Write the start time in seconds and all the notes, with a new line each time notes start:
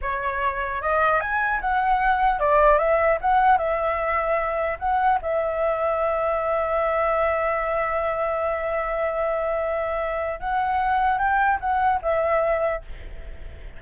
0.01 C#5
0.81 D#5
1.20 G#5
1.61 F#5
2.39 D5
2.78 E5
3.21 F#5
3.57 E5
4.79 F#5
5.22 E5
10.40 F#5
11.18 G5
11.60 F#5
12.01 E5